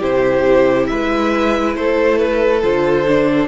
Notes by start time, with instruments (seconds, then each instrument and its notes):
0.00 cello C3, viola E4, violin G4 C5
0.87 cello G#3, violin B4 E5
1.76 cello A3, violin A4 C5
2.19 violin B4
2.62 cello D3, viola F4, violin C5
3.08 viola D4